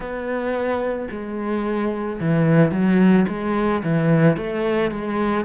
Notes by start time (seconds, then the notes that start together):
0.00 B3
1.10 G#3
2.20 E3
2.71 F#3
3.28 G#3
3.83 E3
4.36 A3
4.91 G#3